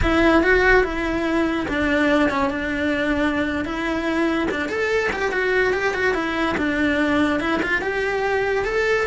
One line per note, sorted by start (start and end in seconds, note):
0.02 0.42 E4
0.42 0.83 F#4
0.83 1.67 E4
1.68 2.29 D4
2.29 2.50 C#4
2.50 3.64 D4
3.64 4.48 E4
4.50 4.68 D4
4.68 5.10 A4
5.12 5.31 G4
5.31 5.73 F#4
5.73 5.94 G4
5.94 6.14 F#4
6.14 6.55 E4
6.57 7.39 D4
7.39 7.60 E4
7.62 7.81 F4
7.81 8.65 G4
8.65 9.06 A4